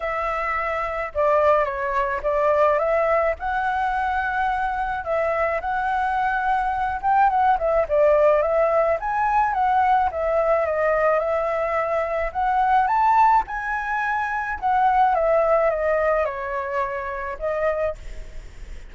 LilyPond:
\new Staff \with { instrumentName = "flute" } { \time 4/4 \tempo 4 = 107 e''2 d''4 cis''4 | d''4 e''4 fis''2~ | fis''4 e''4 fis''2~ | fis''8 g''8 fis''8 e''8 d''4 e''4 |
gis''4 fis''4 e''4 dis''4 | e''2 fis''4 a''4 | gis''2 fis''4 e''4 | dis''4 cis''2 dis''4 | }